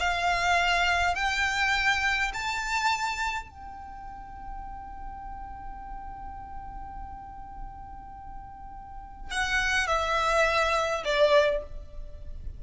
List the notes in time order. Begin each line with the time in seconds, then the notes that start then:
0.00 F5
1.15 G5
2.34 A5
3.50 G5
9.31 F#5
9.87 E5
11.05 D5